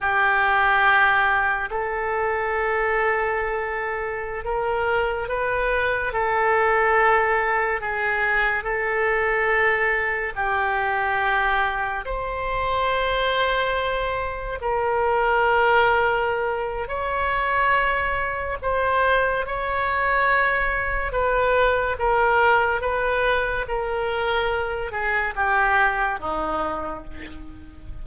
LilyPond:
\new Staff \with { instrumentName = "oboe" } { \time 4/4 \tempo 4 = 71 g'2 a'2~ | a'4~ a'16 ais'4 b'4 a'8.~ | a'4~ a'16 gis'4 a'4.~ a'16~ | a'16 g'2 c''4.~ c''16~ |
c''4~ c''16 ais'2~ ais'8. | cis''2 c''4 cis''4~ | cis''4 b'4 ais'4 b'4 | ais'4. gis'8 g'4 dis'4 | }